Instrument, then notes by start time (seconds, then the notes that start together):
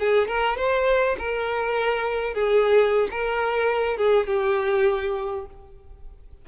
violin
0.00 G#4
0.28 A#4
0.58 C5
1.19 A#4
2.35 G#4
3.11 A#4
3.98 G#4
4.27 G4